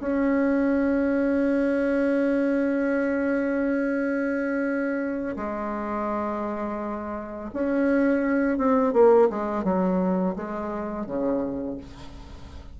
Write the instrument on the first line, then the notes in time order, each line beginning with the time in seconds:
bassoon
0.00 C#4
5.36 G#3
7.53 C#4
8.57 C4
8.93 A#3
9.30 G#3
9.64 F#3
10.36 G#3
11.06 C#3